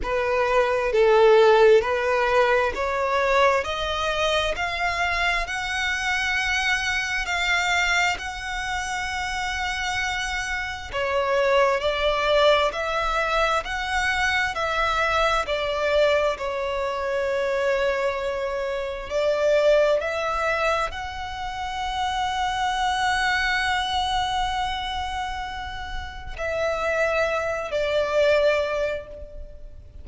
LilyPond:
\new Staff \with { instrumentName = "violin" } { \time 4/4 \tempo 4 = 66 b'4 a'4 b'4 cis''4 | dis''4 f''4 fis''2 | f''4 fis''2. | cis''4 d''4 e''4 fis''4 |
e''4 d''4 cis''2~ | cis''4 d''4 e''4 fis''4~ | fis''1~ | fis''4 e''4. d''4. | }